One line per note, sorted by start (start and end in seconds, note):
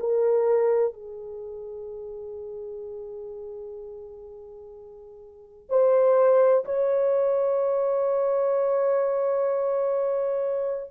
0.00 0.94 A#4
0.94 5.70 G#4
5.70 6.65 C5
6.65 10.91 C#5